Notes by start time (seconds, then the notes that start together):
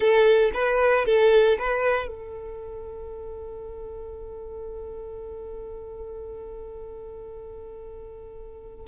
0.00 A4
0.54 B4
1.05 A4
1.58 B4
2.07 A4